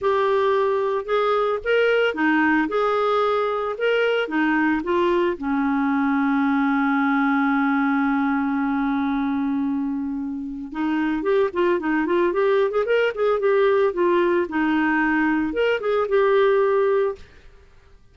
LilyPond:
\new Staff \with { instrumentName = "clarinet" } { \time 4/4 \tempo 4 = 112 g'2 gis'4 ais'4 | dis'4 gis'2 ais'4 | dis'4 f'4 cis'2~ | cis'1~ |
cis'1 | dis'4 g'8 f'8 dis'8 f'8 g'8. gis'16 | ais'8 gis'8 g'4 f'4 dis'4~ | dis'4 ais'8 gis'8 g'2 | }